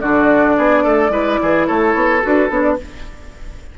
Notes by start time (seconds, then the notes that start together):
0.00 D3 D4 F#4 D5
0.57 B3 G#4
0.83 A3 A4
1.09 G#3 E4 B4
1.42 E3 G#4
1.66 A3 A4 C#5
1.95 B3
2.22 D4 F#4 B4
2.49 B3 D4 C#5
2.62 D5